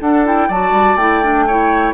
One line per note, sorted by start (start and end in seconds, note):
0.00 0.48 D4
0.00 0.25 D4
0.00 0.48 A4
0.00 0.24 F#5
0.25 0.49 E4
0.25 0.51 G5
0.48 0.71 F#3
0.48 0.99 F#4
0.48 1.45 D5
0.48 0.97 A5
0.71 0.95 G3
0.96 1.92 A3
0.96 1.23 E4
0.96 1.93 G5
1.23 1.47 D4
1.47 1.93 E4
1.47 1.93 C#5